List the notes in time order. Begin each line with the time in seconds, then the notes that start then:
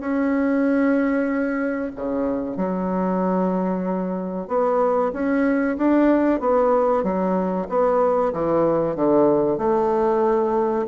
0.00 C#4
1.96 C#3
2.56 F#3
4.48 B3
5.13 C#4
5.77 D4
6.40 B3
7.03 F#3
7.69 B3
8.33 E3
8.96 D3
9.57 A3